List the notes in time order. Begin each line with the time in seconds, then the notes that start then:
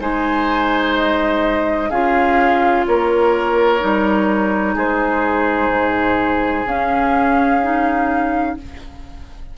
0.00 G#3 D#4 C5 G#5
0.96 D#5
1.90 C#4 F4 G#4 F5
2.86 A#3 A#4 C#5
3.80 G3 D#4
4.75 G#3 G#4 C5
5.69 G#2
6.65 C#4 F5
7.62 D#4